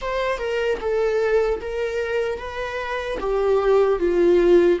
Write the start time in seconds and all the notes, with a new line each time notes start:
0.01 C5
0.38 A#4
0.80 A4
1.60 A#4
2.38 B4
3.19 G4
3.99 F4